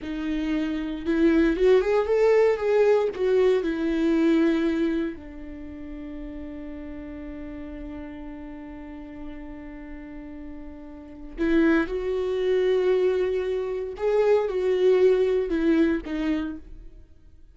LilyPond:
\new Staff \with { instrumentName = "viola" } { \time 4/4 \tempo 4 = 116 dis'2 e'4 fis'8 gis'8 | a'4 gis'4 fis'4 e'4~ | e'2 d'2~ | d'1~ |
d'1~ | d'2 e'4 fis'4~ | fis'2. gis'4 | fis'2 e'4 dis'4 | }